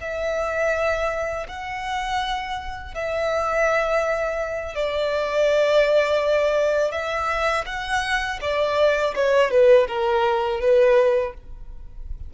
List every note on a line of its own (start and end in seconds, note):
0.00 1.46 E5
1.48 2.94 F#5
2.94 4.75 E5
4.75 6.91 D5
6.91 7.64 E5
7.66 8.39 F#5
8.41 9.14 D5
9.15 9.50 C#5
9.50 9.87 B4
9.87 10.60 A#4
10.60 11.33 B4